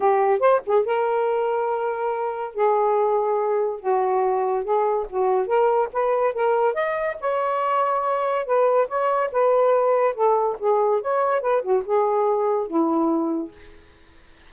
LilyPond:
\new Staff \with { instrumentName = "saxophone" } { \time 4/4 \tempo 4 = 142 g'4 c''8 gis'8 ais'2~ | ais'2 gis'2~ | gis'4 fis'2 gis'4 | fis'4 ais'4 b'4 ais'4 |
dis''4 cis''2. | b'4 cis''4 b'2 | a'4 gis'4 cis''4 b'8 fis'8 | gis'2 e'2 | }